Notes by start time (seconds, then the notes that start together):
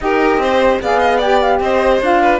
0.00 D#4 G4 A#4 D#5
0.37 C4 C5
0.81 B3 G#4 D5 F5
0.99 D#5
1.17 G4 D5 G5
1.41 F5
1.60 C4 C5 D#5
2.00 D4 F4 F5
2.21 B4